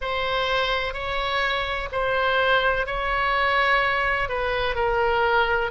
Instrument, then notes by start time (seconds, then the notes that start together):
oboe
0.01 C5
0.93 C#5
1.92 C5
2.86 C#5
4.29 B4
4.75 A#4